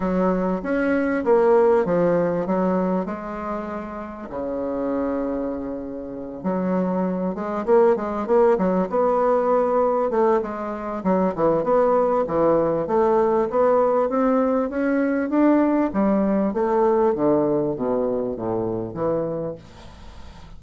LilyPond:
\new Staff \with { instrumentName = "bassoon" } { \time 4/4 \tempo 4 = 98 fis4 cis'4 ais4 f4 | fis4 gis2 cis4~ | cis2~ cis8 fis4. | gis8 ais8 gis8 ais8 fis8 b4.~ |
b8 a8 gis4 fis8 e8 b4 | e4 a4 b4 c'4 | cis'4 d'4 g4 a4 | d4 b,4 a,4 e4 | }